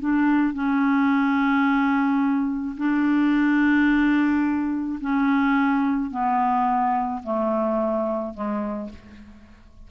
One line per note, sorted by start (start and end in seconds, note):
0.00 0.54 D4
0.54 2.76 C#4
2.77 4.99 D4
5.01 6.11 C#4
6.11 7.22 B3
7.23 8.34 A3
8.34 8.90 G#3